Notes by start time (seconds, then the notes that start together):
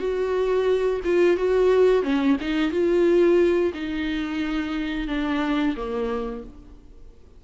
0.00 F#4
1.05 F4
1.37 F#4
2.03 C#4
2.41 D#4
2.72 F4
3.74 D#4
5.08 D4
5.77 A#3